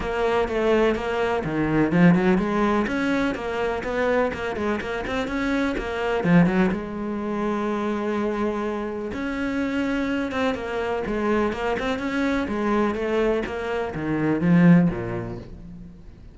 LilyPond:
\new Staff \with { instrumentName = "cello" } { \time 4/4 \tempo 4 = 125 ais4 a4 ais4 dis4 | f8 fis8 gis4 cis'4 ais4 | b4 ais8 gis8 ais8 c'8 cis'4 | ais4 f8 fis8 gis2~ |
gis2. cis'4~ | cis'4. c'8 ais4 gis4 | ais8 c'8 cis'4 gis4 a4 | ais4 dis4 f4 ais,4 | }